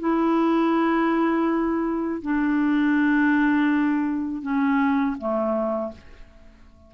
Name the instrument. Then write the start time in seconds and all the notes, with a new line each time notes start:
clarinet
0.00 E4
2.23 D4
4.43 C#4
5.19 A3